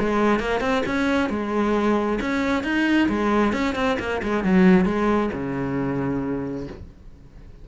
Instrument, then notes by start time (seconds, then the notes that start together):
cello
0.00 G#3
0.40 A#3
0.61 C4
0.86 C#4
1.30 G#3
2.21 C#4
2.64 D#4
3.09 G#3
3.53 C#4
3.76 C4
4.00 A#3
4.23 G#3
4.45 F#3
4.86 G#3
5.33 C#3